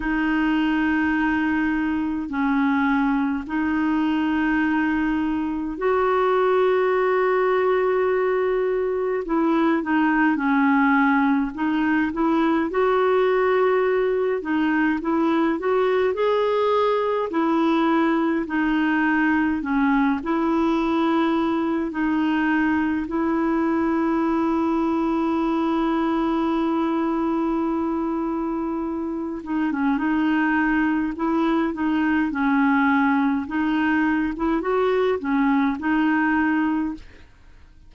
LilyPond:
\new Staff \with { instrumentName = "clarinet" } { \time 4/4 \tempo 4 = 52 dis'2 cis'4 dis'4~ | dis'4 fis'2. | e'8 dis'8 cis'4 dis'8 e'8 fis'4~ | fis'8 dis'8 e'8 fis'8 gis'4 e'4 |
dis'4 cis'8 e'4. dis'4 | e'1~ | e'4. dis'16 cis'16 dis'4 e'8 dis'8 | cis'4 dis'8. e'16 fis'8 cis'8 dis'4 | }